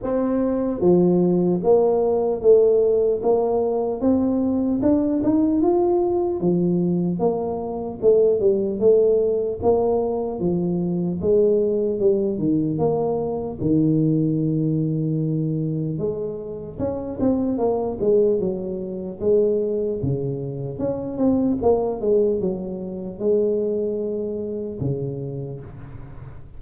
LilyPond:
\new Staff \with { instrumentName = "tuba" } { \time 4/4 \tempo 4 = 75 c'4 f4 ais4 a4 | ais4 c'4 d'8 dis'8 f'4 | f4 ais4 a8 g8 a4 | ais4 f4 gis4 g8 dis8 |
ais4 dis2. | gis4 cis'8 c'8 ais8 gis8 fis4 | gis4 cis4 cis'8 c'8 ais8 gis8 | fis4 gis2 cis4 | }